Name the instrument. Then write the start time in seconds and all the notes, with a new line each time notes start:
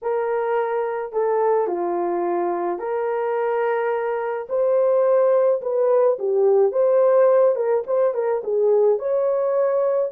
horn
0.02 A#4
1.12 A4
1.67 F4
2.79 A#4
4.49 C5
5.61 B4
6.18 G4
6.72 C5
7.55 A#4
7.86 C5
8.14 A#4
8.43 G#4
8.98 C#5